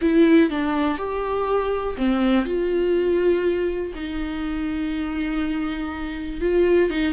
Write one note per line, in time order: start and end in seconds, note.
0.01 0.50 E4
0.50 0.97 D4
0.97 1.95 G4
1.97 2.45 C4
2.45 3.92 F4
3.95 6.40 D#4
6.40 6.89 F4
6.90 7.12 D#4